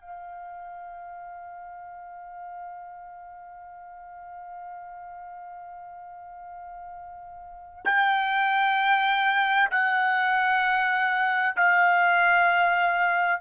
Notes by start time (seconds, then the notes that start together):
0.00 F5
7.85 G5
9.70 F#5
11.56 F5